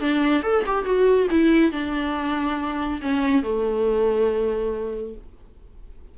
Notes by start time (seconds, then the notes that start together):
0.00 D4
0.42 A4
0.66 G4
0.85 F#4
1.30 E4
1.72 D4
3.02 C#4
3.43 A3